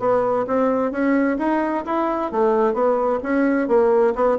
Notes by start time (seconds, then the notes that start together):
0.00 B3
0.47 C4
0.92 C#4
1.39 D#4
1.86 E4
2.32 A3
2.74 B3
3.23 C#4
3.68 A#3
4.16 B3